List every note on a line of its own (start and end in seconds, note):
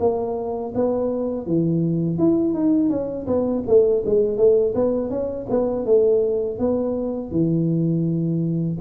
0.00 0.73 A#3
0.75 1.46 B3
1.46 2.19 E3
2.19 2.54 E4
2.54 2.90 D#4
2.90 3.26 C#4
3.27 3.64 B3
3.67 4.04 A3
4.05 4.38 G#3
4.38 4.74 A3
4.75 5.10 B3
5.10 5.47 C#4
5.50 5.85 B3
5.85 6.59 A3
6.59 7.31 B3
7.31 8.78 E3